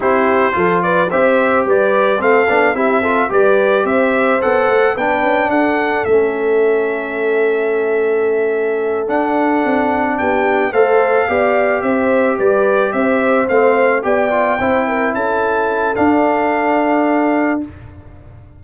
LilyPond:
<<
  \new Staff \with { instrumentName = "trumpet" } { \time 4/4 \tempo 4 = 109 c''4. d''8 e''4 d''4 | f''4 e''4 d''4 e''4 | fis''4 g''4 fis''4 e''4~ | e''1~ |
e''8 fis''2 g''4 f''8~ | f''4. e''4 d''4 e''8~ | e''8 f''4 g''2 a''8~ | a''4 f''2. | }
  \new Staff \with { instrumentName = "horn" } { \time 4/4 g'4 a'8 b'8 c''4 b'4 | a'4 g'8 a'8 b'4 c''4~ | c''4 b'4 a'2~ | a'1~ |
a'2~ a'8 g'4 c''8~ | c''8 d''4 c''4 b'4 c''8~ | c''4. d''4 c''8 ais'8 a'8~ | a'1 | }
  \new Staff \with { instrumentName = "trombone" } { \time 4/4 e'4 f'4 g'2 | c'8 d'8 e'8 f'8 g'2 | a'4 d'2 cis'4~ | cis'1~ |
cis'8 d'2. a'8~ | a'8 g'2.~ g'8~ | g'8 c'4 g'8 f'8 e'4.~ | e'4 d'2. | }
  \new Staff \with { instrumentName = "tuba" } { \time 4/4 c'4 f4 c'4 g4 | a8 b8 c'4 g4 c'4 | b8 a8 b8 cis'8 d'4 a4~ | a1~ |
a8 d'4 c'4 b4 a8~ | a8 b4 c'4 g4 c'8~ | c'8 a4 b4 c'4 cis'8~ | cis'4 d'2. | }
>>